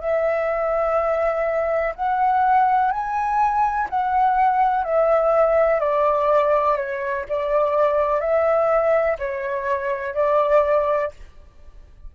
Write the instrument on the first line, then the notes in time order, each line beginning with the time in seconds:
flute
0.00 E5
1.95 F#5
2.91 G#5
3.89 F#5
4.84 E5
5.80 D5
6.77 C#5
7.28 D5
8.20 E5
9.18 C#5
10.14 D5